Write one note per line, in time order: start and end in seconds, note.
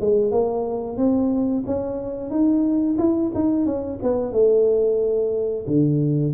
0.00 0.31 G#3
0.31 0.97 A#3
0.97 1.63 C4
1.66 2.30 C#4
2.30 2.97 D#4
2.98 3.31 E4
3.34 3.65 D#4
3.65 3.99 C#4
4.02 4.32 B3
4.32 5.65 A3
5.67 6.34 D3